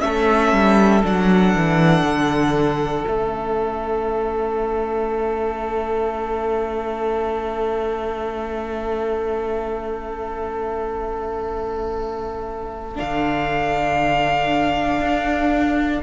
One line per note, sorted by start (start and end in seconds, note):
0.00 0.52 A3
0.00 1.02 C#4
0.00 16.03 A4
0.00 1.02 E5
0.52 1.03 G3
1.03 1.55 F#3
1.03 3.06 D4
1.03 3.06 F#5
1.55 2.02 E3
2.02 3.04 D3
3.06 12.98 A3
3.06 12.95 C#4
3.06 12.98 E5
12.95 15.00 D3
12.95 16.00 D4
12.95 16.03 F5
15.00 16.02 D4